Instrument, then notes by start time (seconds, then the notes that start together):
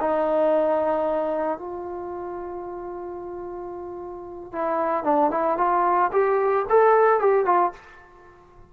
trombone
0.00 D#4
1.58 F4
4.52 E4
5.04 D4
5.30 E4
5.57 F4
6.12 G4
6.69 A4
7.20 G4
7.45 F4